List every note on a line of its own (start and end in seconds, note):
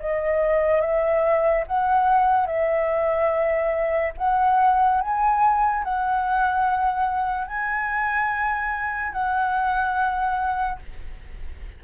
0.00 0.81 D#5
0.81 1.65 E5
1.68 2.47 F#5
2.47 4.14 E5
4.18 5.02 F#5
5.02 5.84 G#5
5.84 7.48 F#5
7.48 9.13 G#5
9.13 10.80 F#5